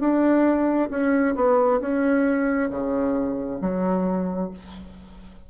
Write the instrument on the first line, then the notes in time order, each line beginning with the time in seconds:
bassoon
0.00 D4
0.91 C#4
1.36 B3
1.81 C#4
2.70 C#3
3.61 F#3